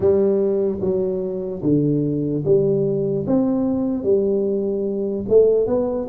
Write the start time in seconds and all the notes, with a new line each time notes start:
0.00 G3
0.80 F#3
1.62 D3
2.44 G3
3.27 C4
4.03 G3
5.28 A3
5.66 B3